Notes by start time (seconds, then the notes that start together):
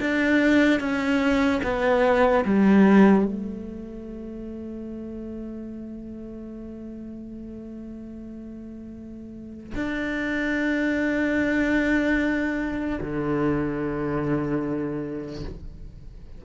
0.00 D4
0.80 C#4
1.63 B3
2.45 G3
3.25 A3
9.75 D4
13.01 D3